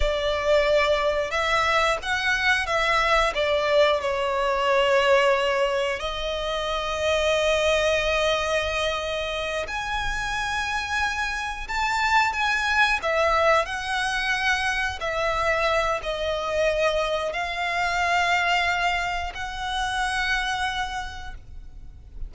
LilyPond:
\new Staff \with { instrumentName = "violin" } { \time 4/4 \tempo 4 = 90 d''2 e''4 fis''4 | e''4 d''4 cis''2~ | cis''4 dis''2.~ | dis''2~ dis''8 gis''4.~ |
gis''4. a''4 gis''4 e''8~ | e''8 fis''2 e''4. | dis''2 f''2~ | f''4 fis''2. | }